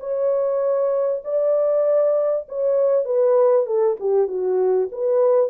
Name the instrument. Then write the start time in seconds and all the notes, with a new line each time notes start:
horn
0.00 C#5
1.25 D5
2.49 C#5
3.05 B4
3.67 A4
4.00 G4
4.28 F#4
4.92 B4